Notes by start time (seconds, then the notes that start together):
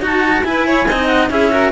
0.00 D#4 F#4 A5
0.43 E4 B4 G#5
0.66 C#5
0.88 C4 D#4 D#5
1.07 F#5
1.30 C#4 E4 G#4 E5
1.51 F#4 A#4